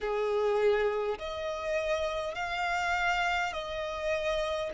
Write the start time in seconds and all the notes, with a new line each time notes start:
0.00 G#4
1.18 D#5
2.35 F5
3.52 D#5